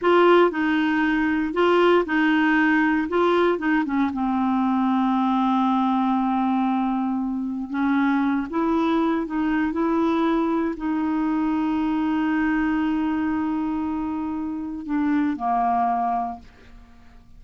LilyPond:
\new Staff \with { instrumentName = "clarinet" } { \time 4/4 \tempo 4 = 117 f'4 dis'2 f'4 | dis'2 f'4 dis'8 cis'8 | c'1~ | c'2. cis'4~ |
cis'8 e'4. dis'4 e'4~ | e'4 dis'2.~ | dis'1~ | dis'4 d'4 ais2 | }